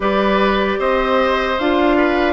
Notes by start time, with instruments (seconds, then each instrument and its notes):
0.00 bassoon G3, clarinet G4, oboe B4, flute D5
0.78 bassoon C4, oboe C5, flute D#5
1.58 bassoon D4, clarinet F4, flute F5
1.97 oboe B4